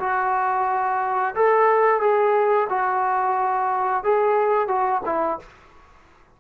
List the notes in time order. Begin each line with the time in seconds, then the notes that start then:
0.00 F#4
1.35 A4
2.01 G#4
2.70 F#4
4.04 G#4
4.68 F#4
5.06 E4